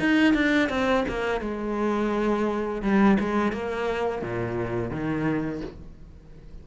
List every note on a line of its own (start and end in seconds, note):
0.00 0.34 D#4
0.34 0.69 D4
0.69 1.05 C4
1.08 1.41 A#3
1.41 2.82 G#3
2.82 3.18 G3
3.20 3.53 G#3
3.53 4.22 A#3
4.22 4.91 A#2
4.91 5.61 D#3